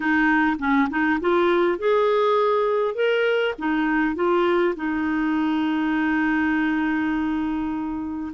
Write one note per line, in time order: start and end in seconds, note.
0.00 0.56 D#4
0.58 0.88 C#4
0.89 1.19 D#4
1.20 1.78 F4
1.78 2.95 G#4
2.95 3.54 A#4
3.58 4.15 D#4
4.15 4.74 F4
4.76 8.32 D#4